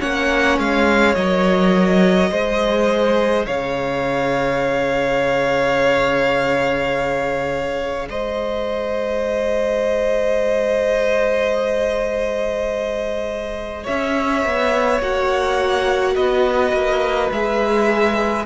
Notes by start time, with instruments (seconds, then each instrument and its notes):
0.00 cello A#3, viola C#4, violin C#5 F#5
0.58 cello G#3, violin F5
1.15 cello F#3, viola A#4, violin D#5
2.31 cello G#3, viola G#4, violin C5
3.47 cello C#3, violin C#5 F5
8.09 cello G#3, violin C5 D#5
13.83 cello C#4, violin C#5 E5
14.45 cello B3
15.00 cello A#3, viola F#4, violin F#5
16.15 cello B3, violin B4 D#5
16.73 cello A#3
17.32 cello G#3, viola G#4, violin E5